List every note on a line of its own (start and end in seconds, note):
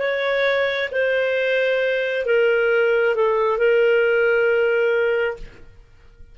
0.00 0.90 C#5
0.92 2.26 C5
2.26 3.16 A#4
3.16 3.58 A4
3.58 5.37 A#4